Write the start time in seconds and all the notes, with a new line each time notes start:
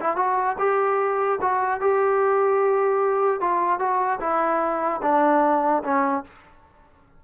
0.00 E4
0.16 F#4
0.58 G4
1.41 F#4
1.80 G4
3.40 F4
3.79 F#4
4.20 E4
5.02 D4
5.84 C#4